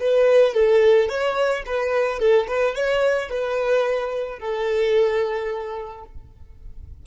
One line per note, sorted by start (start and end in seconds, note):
0.00 0.54 B4
0.54 1.09 A4
1.09 1.64 C#5
1.66 2.19 B4
2.19 2.46 A4
2.47 2.75 B4
2.75 3.29 C#5
3.29 4.39 B4
4.39 6.04 A4